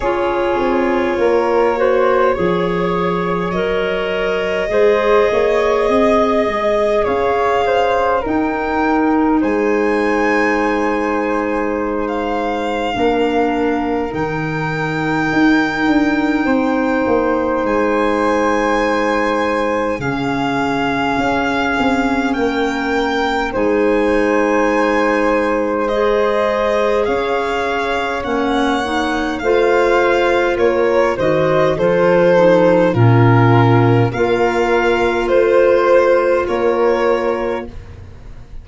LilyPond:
<<
  \new Staff \with { instrumentName = "violin" } { \time 4/4 \tempo 4 = 51 cis''2. dis''4~ | dis''2 f''4 g''4 | gis''2~ gis''16 f''4.~ f''16 | g''2. gis''4~ |
gis''4 f''2 g''4 | gis''2 dis''4 f''4 | fis''4 f''4 cis''8 dis''8 c''4 | ais'4 f''4 c''4 cis''4 | }
  \new Staff \with { instrumentName = "flute" } { \time 4/4 gis'4 ais'8 c''8 cis''2 | c''8 cis''8 dis''4 cis''8 c''8 ais'4 | c''2. ais'4~ | ais'2 c''2~ |
c''4 gis'2 ais'4 | c''2. cis''4~ | cis''4 c''4 ais'8 c''8 a'4 | f'4 ais'4 c''4 ais'4 | }
  \new Staff \with { instrumentName = "clarinet" } { \time 4/4 f'4. fis'8 gis'4 ais'4 | gis'2. dis'4~ | dis'2. d'4 | dis'1~ |
dis'4 cis'2. | dis'2 gis'2 | cis'8 dis'8 f'4. fis'8 f'8 dis'8 | cis'4 f'2. | }
  \new Staff \with { instrumentName = "tuba" } { \time 4/4 cis'8 c'8 ais4 f4 fis4 | gis8 ais8 c'8 gis8 cis'4 dis'4 | gis2. ais4 | dis4 dis'8 d'8 c'8 ais8 gis4~ |
gis4 cis4 cis'8 c'8 ais4 | gis2. cis'4 | ais4 a4 ais8 dis8 f4 | ais,4 ais4 a4 ais4 | }
>>